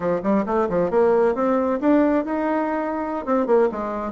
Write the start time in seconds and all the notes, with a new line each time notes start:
0.00 F3
0.22 G3
0.46 A3
0.69 F3
0.90 A#3
1.35 C4
1.80 D4
2.24 D#4
3.25 C4
3.46 A#3
3.71 G#3